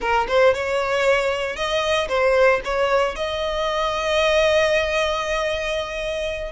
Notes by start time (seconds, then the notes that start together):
0.00 A#4
0.28 C5
0.54 C#5
1.55 D#5
2.08 C5
2.64 C#5
3.15 D#5